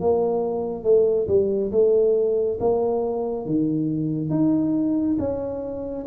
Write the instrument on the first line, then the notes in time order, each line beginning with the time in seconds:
tuba
0.00 A#3
0.83 A3
1.27 G3
1.71 A3
2.60 A#3
3.45 D#3
4.30 D#4
5.18 C#4